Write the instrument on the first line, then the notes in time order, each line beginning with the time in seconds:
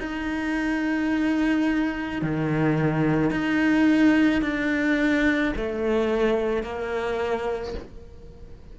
cello
0.00 D#4
2.22 D#3
3.31 D#4
4.42 D4
5.57 A3
6.63 A#3